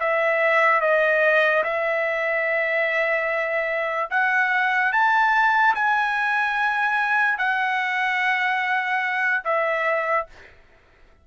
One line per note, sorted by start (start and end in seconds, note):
0.00 0.81 E5
0.81 1.63 D#5
1.63 4.10 E5
4.10 4.92 F#5
4.92 5.74 A5
5.75 7.38 G#5
7.38 9.43 F#5
9.44 10.26 E5